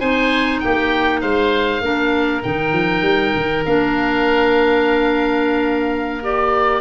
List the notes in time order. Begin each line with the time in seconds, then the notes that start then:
0.00 C4 D#4 C5 G#5
0.60 A#3 G4 G5
1.21 G#3 C5 F5
1.81 A#3 D4 A#4
2.43 D#3 D#4 G5
2.73 F3
3.02 G3
3.35 D#3
3.65 A#3 D4 F5
6.22 G4 D5